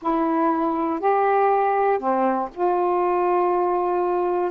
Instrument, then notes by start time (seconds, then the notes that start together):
saxophone
0.02 E4
1.00 G4
1.99 C4
2.53 F4